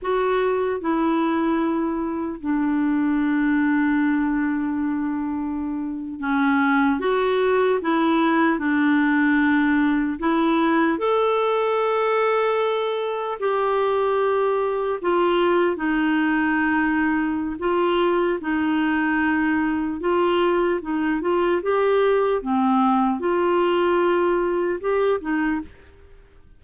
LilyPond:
\new Staff \with { instrumentName = "clarinet" } { \time 4/4 \tempo 4 = 75 fis'4 e'2 d'4~ | d'2.~ d'8. cis'16~ | cis'8. fis'4 e'4 d'4~ d'16~ | d'8. e'4 a'2~ a'16~ |
a'8. g'2 f'4 dis'16~ | dis'2 f'4 dis'4~ | dis'4 f'4 dis'8 f'8 g'4 | c'4 f'2 g'8 dis'8 | }